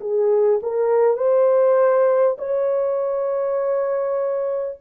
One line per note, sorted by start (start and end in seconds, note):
0.00 0.60 G#4
0.62 1.17 A#4
1.17 2.37 C5
2.38 4.78 C#5